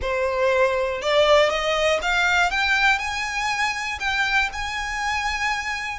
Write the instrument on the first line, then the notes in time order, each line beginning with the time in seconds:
violin
0.01 C5
1.01 D5
1.49 D#5
2.02 F5
2.50 G5
2.99 G#5
3.99 G5
4.52 G#5